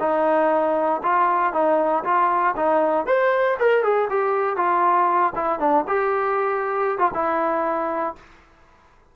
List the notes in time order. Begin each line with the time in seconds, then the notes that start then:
0.00 D#4
1.03 F4
1.53 D#4
2.04 F4
2.56 D#4
3.06 C5
3.60 A#4
3.84 G#4
4.10 G4
4.57 F4
5.36 E4
5.60 D4
5.88 G4
6.98 F4
7.14 E4